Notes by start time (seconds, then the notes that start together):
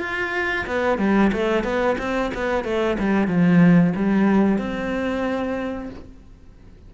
0.00 F4
0.67 B3
0.98 G3
1.32 A3
1.64 B3
1.98 C4
2.34 B3
2.64 A3
2.99 G3
3.28 F3
3.96 G3
4.58 C4